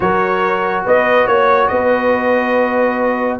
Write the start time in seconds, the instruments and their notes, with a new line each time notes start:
0.00 tuba F#3, trombone F#4, horn A#4, trumpet C#5
0.84 tuba B3, horn B4, trumpet D#5
1.26 tuba A#3, horn C#5, trumpet C#5
1.68 tuba B3, horn B4, trumpet D#5